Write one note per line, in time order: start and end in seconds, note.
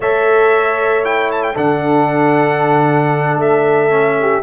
0.00 1.56 A3
0.00 1.04 A4
0.00 1.55 C#5
0.00 1.04 E5
1.04 1.55 E4
1.04 1.31 G5
1.31 1.43 A5
1.43 1.56 G5
1.55 3.34 D3
1.55 3.90 D4
1.55 4.15 A4
1.55 3.40 F#5
3.34 4.39 A3
3.34 4.43 E5
3.90 4.42 C#4
4.21 4.43 G4